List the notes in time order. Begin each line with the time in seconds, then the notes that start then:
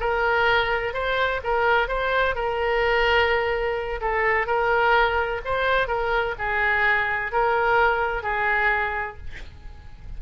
0.00 A#4
0.93 C5
1.43 A#4
1.88 C5
2.35 A#4
4.01 A4
4.47 A#4
5.45 C5
5.87 A#4
6.38 G#4
7.32 A#4
8.23 G#4